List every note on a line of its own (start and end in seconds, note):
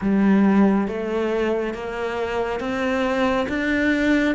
0.01 0.87 G3
0.87 1.74 A3
1.74 2.59 A#3
2.59 3.46 C4
3.49 4.35 D4